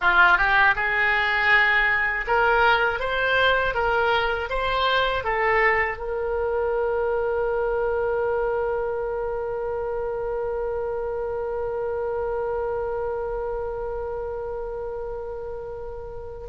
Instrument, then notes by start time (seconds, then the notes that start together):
oboe
0.01 F4
0.37 G4
0.75 G#4
2.27 A#4
2.99 C5
3.74 A#4
4.49 C5
5.24 A4
5.97 A#4